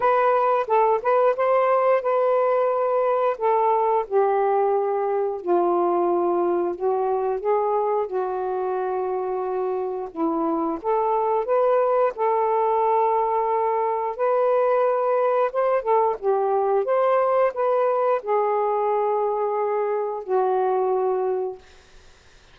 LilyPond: \new Staff \with { instrumentName = "saxophone" } { \time 4/4 \tempo 4 = 89 b'4 a'8 b'8 c''4 b'4~ | b'4 a'4 g'2 | f'2 fis'4 gis'4 | fis'2. e'4 |
a'4 b'4 a'2~ | a'4 b'2 c''8 a'8 | g'4 c''4 b'4 gis'4~ | gis'2 fis'2 | }